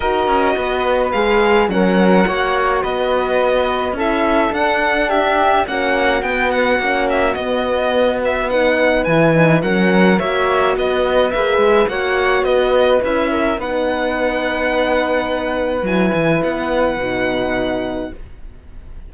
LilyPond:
<<
  \new Staff \with { instrumentName = "violin" } { \time 4/4 \tempo 4 = 106 dis''2 f''4 fis''4~ | fis''4 dis''2 e''4 | fis''4 e''4 fis''4 g''8 fis''8~ | fis''8 e''8 dis''4. e''8 fis''4 |
gis''4 fis''4 e''4 dis''4 | e''4 fis''4 dis''4 e''4 | fis''1 | gis''4 fis''2. | }
  \new Staff \with { instrumentName = "flute" } { \time 4/4 ais'4 b'2 ais'4 | cis''4 b'2 a'4~ | a'4 g'4 fis'2~ | fis'2. b'4~ |
b'4 ais'4 cis''4 b'4~ | b'4 cis''4 b'4. ais'8 | b'1~ | b'1 | }
  \new Staff \with { instrumentName = "horn" } { \time 4/4 fis'2 gis'4 cis'4 | fis'2. e'4 | d'2 cis'4 b4 | cis'4 b2 dis'4 |
e'8 dis'8 cis'4 fis'2 | gis'4 fis'2 e'4 | dis'1 | e'2 dis'2 | }
  \new Staff \with { instrumentName = "cello" } { \time 4/4 dis'8 cis'8 b4 gis4 fis4 | ais4 b2 cis'4 | d'2 ais4 b4 | ais4 b2. |
e4 fis4 ais4 b4 | ais8 gis8 ais4 b4 cis'4 | b1 | fis8 e8 b4 b,2 | }
>>